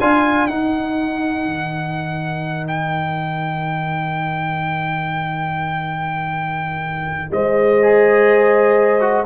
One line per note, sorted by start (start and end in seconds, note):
0.00 0.49 D4
0.00 0.49 F4
0.00 7.32 A#4
0.00 0.47 G#5
0.47 1.46 D#4
0.47 7.81 D#4
0.47 2.67 F#5
1.46 7.31 D#3
2.68 7.31 G5
7.31 9.26 G#3
7.31 9.26 C5
7.31 9.26 D#5
7.83 9.00 G#4
9.00 9.25 F#4